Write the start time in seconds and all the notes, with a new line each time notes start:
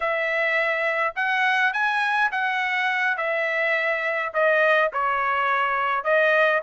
0.00 E5
1.15 F#5
1.73 G#5
2.31 F#5
3.17 E5
4.33 D#5
4.92 C#5
6.03 D#5